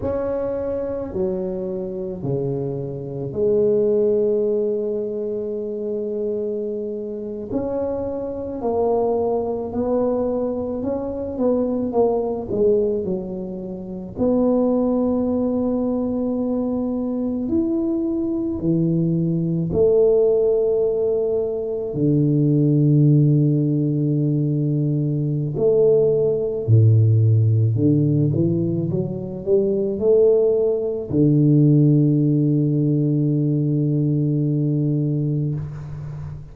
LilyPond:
\new Staff \with { instrumentName = "tuba" } { \time 4/4 \tempo 4 = 54 cis'4 fis4 cis4 gis4~ | gis2~ gis8. cis'4 ais16~ | ais8. b4 cis'8 b8 ais8 gis8 fis16~ | fis8. b2. e'16~ |
e'8. e4 a2 d16~ | d2. a4 | a,4 d8 e8 fis8 g8 a4 | d1 | }